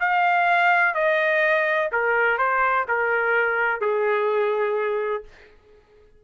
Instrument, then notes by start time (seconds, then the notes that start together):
trumpet
0.00 F5
0.94 D#5
1.92 A#4
2.38 C5
2.88 A#4
3.81 G#4